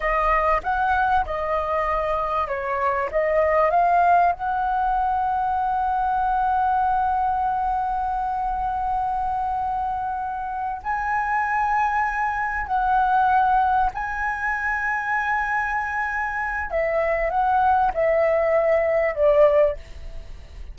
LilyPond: \new Staff \with { instrumentName = "flute" } { \time 4/4 \tempo 4 = 97 dis''4 fis''4 dis''2 | cis''4 dis''4 f''4 fis''4~ | fis''1~ | fis''1~ |
fis''4. gis''2~ gis''8~ | gis''8 fis''2 gis''4.~ | gis''2. e''4 | fis''4 e''2 d''4 | }